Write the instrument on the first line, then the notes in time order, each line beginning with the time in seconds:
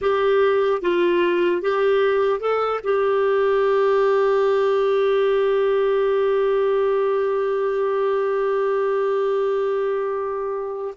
clarinet
0.01 G4
0.81 F4
1.61 G4
2.40 A4
2.83 G4